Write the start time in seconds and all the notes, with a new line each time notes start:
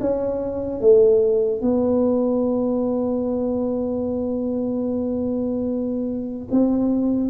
0.00 C#4
0.80 A3
1.61 B3
6.50 C4